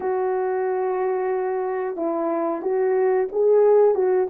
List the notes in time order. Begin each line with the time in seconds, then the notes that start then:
0.00 F#4
1.96 E4
2.61 F#4
3.32 G#4
3.94 F#4